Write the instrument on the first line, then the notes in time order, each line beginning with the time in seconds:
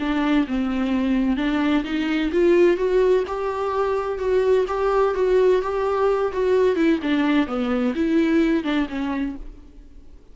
viola
0.00 D4
0.48 C4
1.37 D4
1.85 D#4
2.32 F4
2.77 F#4
3.28 G4
4.19 F#4
4.68 G4
5.15 F#4
5.62 G4
6.33 F#4
6.76 E4
7.03 D4
7.47 B3
7.95 E4
8.64 D4
8.89 C#4